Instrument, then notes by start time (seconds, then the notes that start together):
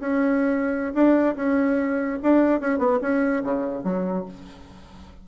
bassoon
0.00 C#4
0.94 D4
1.36 C#4
2.22 D4
2.60 C#4
2.79 B3
3.02 C#4
3.44 C#3
3.84 F#3